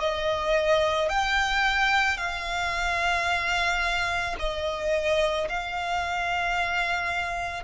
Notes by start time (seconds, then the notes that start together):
0.00 D#5
1.09 G5
2.18 F5
4.39 D#5
5.49 F5